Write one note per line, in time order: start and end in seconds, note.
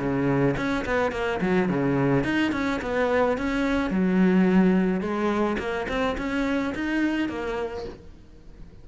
0.00 0.56 C#3
0.57 0.85 C#4
0.86 1.12 B3
1.12 1.40 A#3
1.42 1.69 F#3
1.69 2.25 C#3
2.25 2.53 D#4
2.53 2.81 C#4
2.82 3.38 B3
3.38 3.91 C#4
3.91 5.01 F#3
5.01 5.57 G#3
5.59 5.87 A#3
5.89 6.17 C4
6.18 6.74 C#4
6.75 7.29 D#4
7.29 7.85 A#3